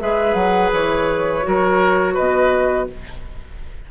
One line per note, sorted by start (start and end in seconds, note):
0.00 0.35 G#3
0.00 1.43 G#4
0.00 1.47 B4
0.00 0.34 E5
0.34 0.71 F#3
0.34 0.70 F#5
0.73 1.45 E3
0.73 2.16 C#5
1.43 2.19 F#3
1.43 2.87 F#4
1.43 2.14 A#4
2.14 2.91 B2
2.14 2.87 B4
2.14 2.88 D#5